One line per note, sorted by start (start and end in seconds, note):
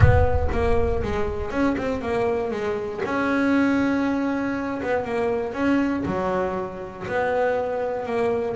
0.00 0.48 B3
0.52 1.02 A#3
1.02 1.51 G#3
1.51 1.76 C#4
1.77 2.01 C4
2.01 2.51 A#3
2.51 3.01 G#3
3.04 4.81 C#4
4.82 5.04 B3
5.04 5.53 A#3
5.53 6.03 C#4
6.05 7.06 F#3
7.07 8.05 B3
8.05 8.56 A#3